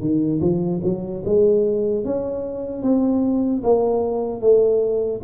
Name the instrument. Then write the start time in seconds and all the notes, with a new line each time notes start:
tuba
0.00 D#3
0.41 F3
0.83 F#3
1.25 G#3
2.04 C#4
2.82 C4
3.63 A#3
4.41 A3